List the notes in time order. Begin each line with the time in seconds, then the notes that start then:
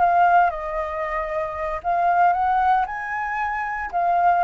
0.00 F5
0.51 D#5
1.84 F5
2.33 F#5
2.86 G#5
3.92 F5